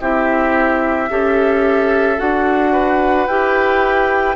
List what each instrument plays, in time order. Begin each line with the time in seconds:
0.00 bassoon C4, clarinet E4, oboe G4, flute E5
1.09 bassoon C#4, clarinet G4, oboe A4
2.17 bassoon D4, clarinet F#4, flute F#5
2.72 oboe B4
3.27 bassoon E4, clarinet G4, flute G5